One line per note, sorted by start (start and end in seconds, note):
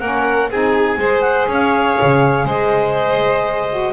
0.00 0.51 A#3
0.00 0.51 C#4
0.00 0.50 A#4
0.00 0.49 F#5
0.51 0.97 C4
0.51 0.98 D#4
0.51 1.00 G#4
0.51 1.21 G#5
0.97 1.47 G#3
0.97 3.69 G#4
0.97 1.49 C5
1.21 1.46 F#5
1.48 1.97 C#4
1.48 2.46 C#5
1.48 2.48 F5
2.02 2.45 C#3
2.45 3.93 G#3
2.45 3.93 C5
2.45 3.94 D#5
3.70 3.94 F#4